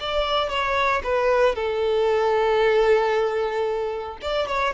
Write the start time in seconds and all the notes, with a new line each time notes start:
0.00 D5
0.49 C#5
1.03 B4
1.55 A4
4.21 D5
4.47 C#5